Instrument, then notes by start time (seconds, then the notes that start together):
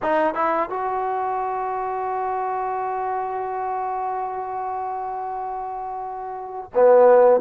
trombone
0.02 D#4
0.34 E4
0.69 F#4
6.74 B3